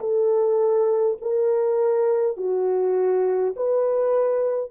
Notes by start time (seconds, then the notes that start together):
0.00 A4
1.21 A#4
2.37 F#4
3.57 B4